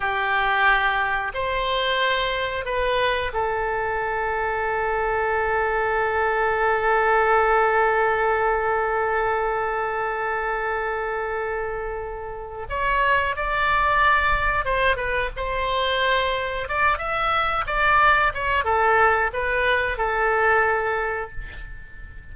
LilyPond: \new Staff \with { instrumentName = "oboe" } { \time 4/4 \tempo 4 = 90 g'2 c''2 | b'4 a'2.~ | a'1~ | a'1~ |
a'2. cis''4 | d''2 c''8 b'8 c''4~ | c''4 d''8 e''4 d''4 cis''8 | a'4 b'4 a'2 | }